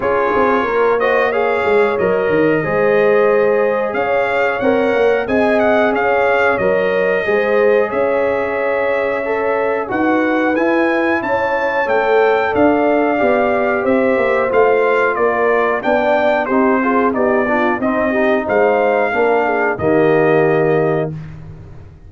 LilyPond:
<<
  \new Staff \with { instrumentName = "trumpet" } { \time 4/4 \tempo 4 = 91 cis''4. dis''8 f''4 dis''4~ | dis''2 f''4 fis''4 | gis''8 fis''8 f''4 dis''2 | e''2. fis''4 |
gis''4 a''4 g''4 f''4~ | f''4 e''4 f''4 d''4 | g''4 c''4 d''4 dis''4 | f''2 dis''2 | }
  \new Staff \with { instrumentName = "horn" } { \time 4/4 gis'4 ais'8 c''8 cis''2 | c''2 cis''2 | dis''4 cis''2 c''4 | cis''2. b'4~ |
b'4 cis''2 d''4~ | d''4 c''2 ais'4 | d''4 g'8 gis'8 g'8 f'8 dis'8 g'8 | c''4 ais'8 gis'8 g'2 | }
  \new Staff \with { instrumentName = "trombone" } { \time 4/4 f'4. fis'8 gis'4 ais'4 | gis'2. ais'4 | gis'2 ais'4 gis'4~ | gis'2 a'4 fis'4 |
e'2 a'2 | g'2 f'2 | d'4 dis'8 f'8 dis'8 d'8 c'8 dis'8~ | dis'4 d'4 ais2 | }
  \new Staff \with { instrumentName = "tuba" } { \time 4/4 cis'8 c'8 ais4. gis8 fis8 dis8 | gis2 cis'4 c'8 ais8 | c'4 cis'4 fis4 gis4 | cis'2. dis'4 |
e'4 cis'4 a4 d'4 | b4 c'8 ais8 a4 ais4 | b4 c'4 b4 c'4 | gis4 ais4 dis2 | }
>>